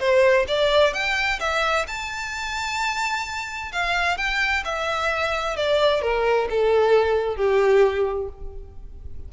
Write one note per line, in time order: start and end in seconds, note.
0.00 0.46 C5
0.48 0.94 D5
0.94 1.40 G5
1.40 1.86 E5
1.88 3.72 A5
3.73 4.17 F5
4.17 4.64 G5
4.65 5.56 E5
5.56 6.02 D5
6.02 6.48 A#4
6.50 7.37 A4
7.37 8.29 G4